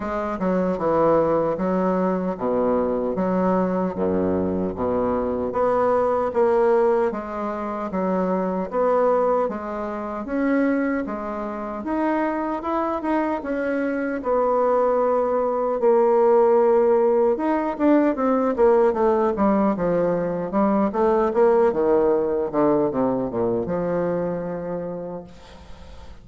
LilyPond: \new Staff \with { instrumentName = "bassoon" } { \time 4/4 \tempo 4 = 76 gis8 fis8 e4 fis4 b,4 | fis4 fis,4 b,4 b4 | ais4 gis4 fis4 b4 | gis4 cis'4 gis4 dis'4 |
e'8 dis'8 cis'4 b2 | ais2 dis'8 d'8 c'8 ais8 | a8 g8 f4 g8 a8 ais8 dis8~ | dis8 d8 c8 ais,8 f2 | }